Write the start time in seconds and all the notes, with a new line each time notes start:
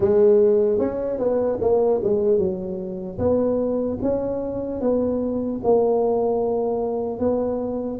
0.00 G#3
0.79 C#4
1.19 B3
1.60 A#3
2.03 G#3
2.38 F#3
3.18 B3
4.01 C#4
4.80 B3
5.63 A#3
7.19 B3